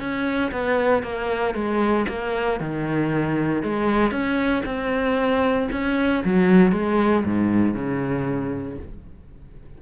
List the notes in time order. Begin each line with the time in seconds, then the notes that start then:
0.00 C#4
0.52 B3
1.03 A#3
1.55 G#3
2.09 A#3
2.61 D#3
3.63 G#3
4.11 C#4
4.66 C4
5.72 C#4
6.25 F#3
6.73 G#3
7.25 G#2
7.75 C#3